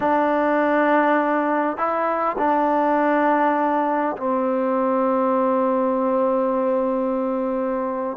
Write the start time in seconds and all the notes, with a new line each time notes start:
0.00 D4
1.77 E4
2.38 D4
4.16 C4